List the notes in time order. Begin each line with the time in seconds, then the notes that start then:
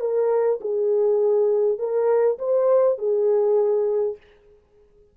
0.00 A#4
0.60 G#4
1.78 A#4
2.38 C5
2.98 G#4